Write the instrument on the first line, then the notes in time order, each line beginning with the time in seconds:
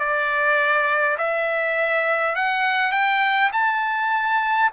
trumpet
0.00 D5
1.18 E5
2.36 F#5
2.93 G5
3.53 A5